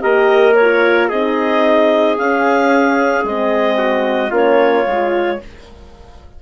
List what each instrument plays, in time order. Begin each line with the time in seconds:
0.00 bassoon A#3, horn G4, trumpet A#4, clarinet D#5
0.55 horn F4, clarinet C#5
1.09 bassoon C4, horn D#4, trumpet G#4, clarinet D#5
2.18 horn C#4, bassoon C#4, clarinet F5
3.24 bassoon G#3, horn C4, clarinet D#5
3.77 trumpet F#4
4.30 bassoon A#3, horn C#4, trumpet F4, clarinet C#5
4.85 bassoon G#3, horn F4